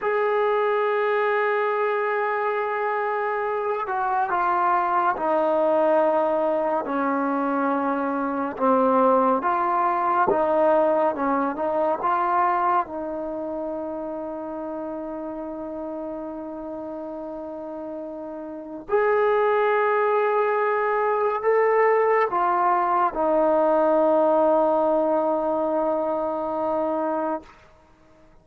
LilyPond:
\new Staff \with { instrumentName = "trombone" } { \time 4/4 \tempo 4 = 70 gis'1~ | gis'8 fis'8 f'4 dis'2 | cis'2 c'4 f'4 | dis'4 cis'8 dis'8 f'4 dis'4~ |
dis'1~ | dis'2 gis'2~ | gis'4 a'4 f'4 dis'4~ | dis'1 | }